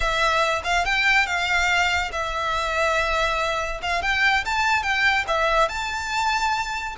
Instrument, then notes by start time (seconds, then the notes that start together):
violin
0.00 E5
0.64 F5
0.85 G5
1.26 F5
2.12 E5
3.81 F5
4.02 G5
4.45 A5
4.82 G5
5.27 E5
5.69 A5